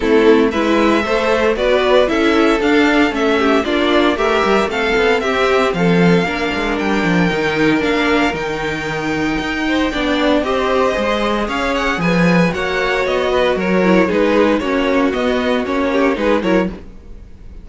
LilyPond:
<<
  \new Staff \with { instrumentName = "violin" } { \time 4/4 \tempo 4 = 115 a'4 e''2 d''4 | e''4 f''4 e''4 d''4 | e''4 f''4 e''4 f''4~ | f''4 g''2 f''4 |
g''1 | dis''2 f''8 fis''8 gis''4 | fis''4 dis''4 cis''4 b'4 | cis''4 dis''4 cis''4 b'8 cis''8 | }
  \new Staff \with { instrumentName = "violin" } { \time 4/4 e'4 b'4 c''4 b'4 | a'2~ a'8 g'8 f'4 | ais'4 a'4 g'4 a'4 | ais'1~ |
ais'2~ ais'8 c''8 d''4 | c''2 cis''4 b'4 | cis''4. b'8 ais'4 gis'4 | fis'2~ fis'8 g'8 gis'8 ais'8 | }
  \new Staff \with { instrumentName = "viola" } { \time 4/4 c'4 e'4 a'4 fis'4 | e'4 d'4 cis'4 d'4 | g'4 c'2. | d'2 dis'4 d'4 |
dis'2. d'4 | g'4 gis'2. | fis'2~ fis'8 e'8 dis'4 | cis'4 b4 cis'4 dis'8 e'8 | }
  \new Staff \with { instrumentName = "cello" } { \time 4/4 a4 gis4 a4 b4 | cis'4 d'4 a4 ais4 | a8 g8 a8 b8 c'4 f4 | ais8 gis8 g8 f8 dis4 ais4 |
dis2 dis'4 b4 | c'4 gis4 cis'4 f4 | ais4 b4 fis4 gis4 | ais4 b4 ais4 gis8 fis8 | }
>>